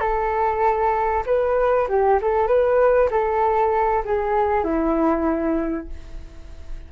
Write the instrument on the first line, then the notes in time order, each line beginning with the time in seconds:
flute
0.00 A4
1.26 B4
1.89 G4
2.22 A4
2.47 B4
3.11 A4
4.05 G#4
4.64 E4